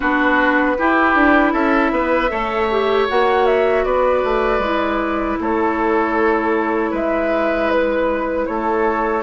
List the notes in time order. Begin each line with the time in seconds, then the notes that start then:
0.00 B3 D4 F#4 B4
0.78 E4 G4
1.15 D4
1.52 C#4 A4 E5
1.91 B3 B4
2.29 A3 A4 C#5
2.70 G4
3.08 A#3 F#4 F#5
3.46 E5
3.84 B3 B4 D5
4.23 A3
4.58 G#3 E4
5.40 A3 A4 C#5
6.91 G#3 B4 E5
7.70 B4
8.46 A3 A4 C#5